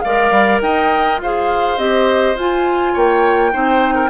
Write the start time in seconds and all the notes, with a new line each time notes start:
0.00 G#3 A#4 D5 F5
0.30 G3
0.61 D#4 D#5 G5
1.17 F4 C5 F5
1.24 G#4
1.77 C4 G4 D#5
2.35 F4 G#5
2.93 A#3 C#5 G5
3.52 C4 D#4 C5
3.94 A#4